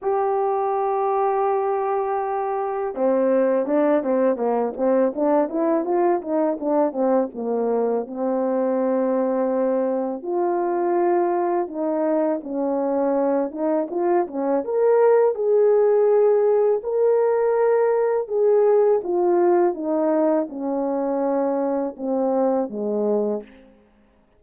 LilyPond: \new Staff \with { instrumentName = "horn" } { \time 4/4 \tempo 4 = 82 g'1 | c'4 d'8 c'8 ais8 c'8 d'8 e'8 | f'8 dis'8 d'8 c'8 ais4 c'4~ | c'2 f'2 |
dis'4 cis'4. dis'8 f'8 cis'8 | ais'4 gis'2 ais'4~ | ais'4 gis'4 f'4 dis'4 | cis'2 c'4 gis4 | }